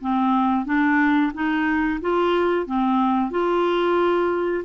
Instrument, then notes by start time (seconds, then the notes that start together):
clarinet
0.00 C4
0.65 D4
1.33 D#4
2.01 F4
2.66 C4
3.30 F4